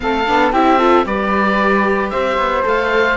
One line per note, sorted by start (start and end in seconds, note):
0.00 0.28 A3
0.00 0.25 C4
0.00 0.52 A4
0.00 0.52 F5
0.26 0.52 B3
0.26 0.53 D4
0.52 1.05 C4
0.52 0.79 E4
0.52 0.78 G4
0.52 1.06 E5
0.78 1.05 F4
0.78 1.05 A4
1.05 2.12 G3
1.05 2.62 G4
1.05 2.12 B4
1.05 2.10 D5
2.10 2.37 C4
2.10 3.17 C5
2.10 2.63 E5
2.37 2.64 B3
2.62 3.17 A3
2.62 3.15 A4
2.62 3.17 F5